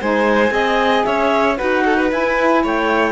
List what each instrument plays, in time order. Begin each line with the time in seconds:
0.00 cello G#3, saxophone D#4, violin C5, clarinet G#5
0.49 cello C4, saxophone G#4, violin D#5
1.04 cello C#4, violin C#5, clarinet E5
1.57 cello D#4, saxophone F#4, violin B4, clarinet F#5
1.85 violin A4
1.96 violin B4
2.09 saxophone E4, cello E4, clarinet G#5
2.63 cello A3, violin C#5, clarinet G5